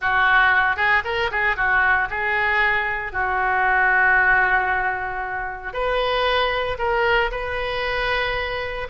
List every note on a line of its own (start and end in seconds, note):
0.01 0.76 F#4
0.76 1.02 G#4
1.04 1.30 A#4
1.31 1.56 G#4
1.56 2.08 F#4
2.10 3.12 G#4
3.12 5.73 F#4
5.73 6.77 B4
6.78 7.30 A#4
7.31 8.87 B4